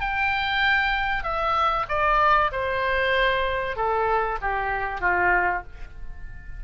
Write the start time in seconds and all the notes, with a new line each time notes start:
0.00 G5
1.23 E5
1.88 D5
2.51 C5
3.76 A4
4.41 G4
5.00 F4